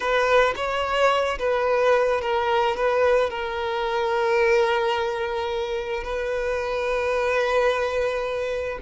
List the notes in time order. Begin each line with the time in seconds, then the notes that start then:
0.00 B4
0.56 C#5
1.39 B4
2.21 A#4
2.76 B4
3.30 A#4
6.03 B4